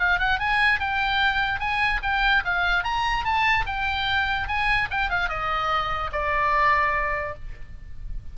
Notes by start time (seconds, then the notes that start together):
0.00 F5
0.19 F#5
0.40 G#5
0.80 G5
1.60 G#5
2.03 G5
2.45 F5
2.84 A#5
3.25 A5
3.66 G5
4.48 G#5
4.91 G5
5.10 F5
5.29 D#5
6.13 D5